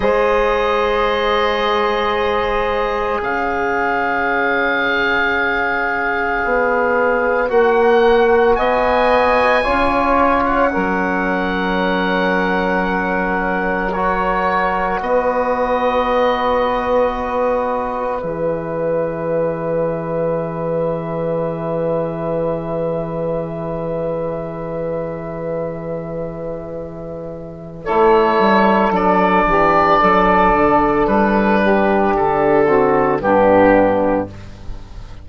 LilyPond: <<
  \new Staff \with { instrumentName = "oboe" } { \time 4/4 \tempo 4 = 56 dis''2. f''4~ | f''2. fis''4 | gis''4.~ gis''16 fis''2~ fis''16~ | fis''4 cis''4 dis''2~ |
dis''4 e''2.~ | e''1~ | e''2 cis''4 d''4~ | d''4 b'4 a'4 g'4 | }
  \new Staff \with { instrumentName = "saxophone" } { \time 4/4 c''2. cis''4~ | cis''1 | dis''4 cis''4 ais'2~ | ais'2 b'2~ |
b'1~ | b'1~ | b'2 a'4. g'8 | a'4. g'4 fis'8 d'4 | }
  \new Staff \with { instrumentName = "trombone" } { \time 4/4 gis'1~ | gis'2. fis'4~ | fis'4 f'4 cis'2~ | cis'4 fis'2.~ |
fis'4 gis'2.~ | gis'1~ | gis'2 e'4 d'4~ | d'2~ d'8 c'8 b4 | }
  \new Staff \with { instrumentName = "bassoon" } { \time 4/4 gis2. cis4~ | cis2 b4 ais4 | b4 cis'4 fis2~ | fis2 b2~ |
b4 e2.~ | e1~ | e2 a8 g8 fis8 e8 | fis8 d8 g4 d4 g,4 | }
>>